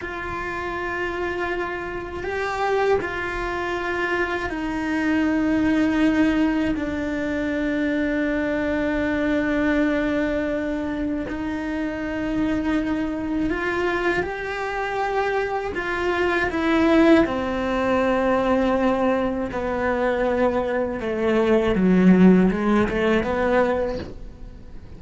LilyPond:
\new Staff \with { instrumentName = "cello" } { \time 4/4 \tempo 4 = 80 f'2. g'4 | f'2 dis'2~ | dis'4 d'2.~ | d'2. dis'4~ |
dis'2 f'4 g'4~ | g'4 f'4 e'4 c'4~ | c'2 b2 | a4 fis4 gis8 a8 b4 | }